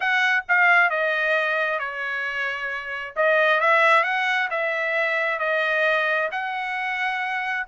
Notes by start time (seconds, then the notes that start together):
0.00 F#5
0.48 F5
0.89 D#5
1.79 C#5
3.16 D#5
3.60 E5
4.03 F#5
4.50 E5
5.39 D#5
6.31 F#5